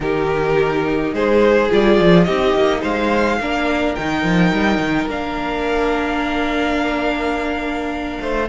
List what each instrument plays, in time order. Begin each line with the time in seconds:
0.00 cello D#3, viola D#4, violin G4 A#4
1.12 cello G#3, violin G#4 C5
1.69 cello G3, viola F4, violin D5
1.99 cello F3
2.24 cello C4, viola D#4, violin G4 D#5
2.54 cello A#3
2.81 cello G#3, violin C5 F5
3.40 cello A#3, viola D4, violin A#4
3.94 cello D#3, viola D#4, violin G5
4.23 cello F3
4.51 cello G3
4.78 cello D#3
5.06 cello A#3, viola D4, violin F5
8.21 cello A3, violin C5